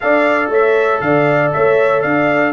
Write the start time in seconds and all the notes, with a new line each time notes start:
0.00 D4 A4 D5 F5
0.49 A3 C#5 E5
1.00 D3 D5 F5
1.52 A3 C#5 E5
2.01 D4 D5 F5